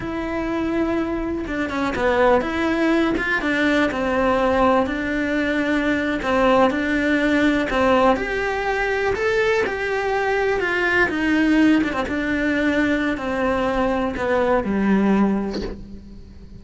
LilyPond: \new Staff \with { instrumentName = "cello" } { \time 4/4 \tempo 4 = 123 e'2. d'8 cis'8 | b4 e'4. f'8 d'4 | c'2 d'2~ | d'8. c'4 d'2 c'16~ |
c'8. g'2 a'4 g'16~ | g'4.~ g'16 f'4 dis'4~ dis'16~ | dis'16 d'16 c'16 d'2~ d'16 c'4~ | c'4 b4 g2 | }